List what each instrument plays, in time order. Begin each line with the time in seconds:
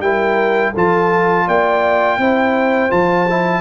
0.00 tuba G3, trombone E4, horn A#4, trumpet G5
0.72 tuba F3, trombone F4, horn A4, trumpet A5
1.47 tuba A#3, horn D5, trumpet G5
2.18 tuba C4, trombone E4, horn C5
2.90 tuba F3, trombone F4, trumpet A5
3.29 trombone E4